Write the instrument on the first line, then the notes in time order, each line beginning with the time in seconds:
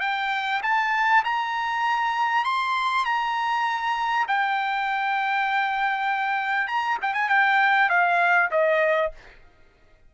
trumpet
0.00 G5
0.62 A5
1.24 A#5
2.44 C6
3.05 A#5
4.27 G5
6.67 A#5
7.01 G5
7.13 G#5
7.29 G5
7.89 F5
8.51 D#5